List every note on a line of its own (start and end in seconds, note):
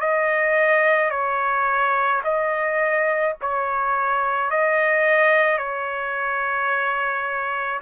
0.00 1.10 D#5
1.10 2.21 C#5
2.24 3.35 D#5
3.41 4.50 C#5
4.50 5.58 D#5
5.58 7.80 C#5